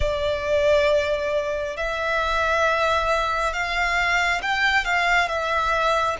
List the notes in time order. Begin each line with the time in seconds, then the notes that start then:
0.00 D5
1.76 E5
3.53 F5
4.42 G5
4.84 F5
5.28 E5